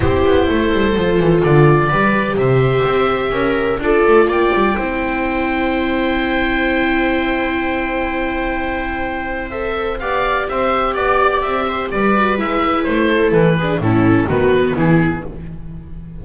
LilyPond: <<
  \new Staff \with { instrumentName = "oboe" } { \time 4/4 \tempo 4 = 126 c''2. d''4~ | d''4 e''2. | d''4 g''2.~ | g''1~ |
g''1 | e''4 f''4 e''4 d''4 | e''4 d''4 e''4 c''4 | b'4 a'4 b'4 gis'4 | }
  \new Staff \with { instrumentName = "viola" } { \time 4/4 g'4 a'2. | b'4 c''2 ais'4 | a'4 d''4 c''2~ | c''1~ |
c''1~ | c''4 d''4 c''4 d''4~ | d''8 c''8 b'2~ b'8 a'8~ | a'8 gis'8 e'4 fis'4 e'4 | }
  \new Staff \with { instrumentName = "viola" } { \time 4/4 e'2 f'2 | g'1 | f'2 e'2~ | e'1~ |
e'1 | a'4 g'2.~ | g'4. fis'8 e'2~ | e'8 d'8 cis'4 b2 | }
  \new Staff \with { instrumentName = "double bass" } { \time 4/4 c'8 b8 a8 g8 f8 e8 d4 | g4 c4 c'4 cis'4 | d'8 a8 ais8 g8 c'2~ | c'1~ |
c'1~ | c'4 b4 c'4 b4 | c'4 g4 gis4 a4 | e4 a,4 dis4 e4 | }
>>